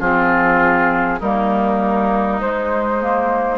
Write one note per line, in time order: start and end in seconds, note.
0.00 1.21 F3
0.00 1.21 C4
0.00 1.20 F4
0.00 1.20 G#4
1.20 2.41 G3
1.20 2.42 A#3
1.20 3.58 D#4
1.20 2.41 A#4
2.41 3.58 G#3
2.41 3.02 G#3
2.41 3.58 C5
3.02 3.58 A#3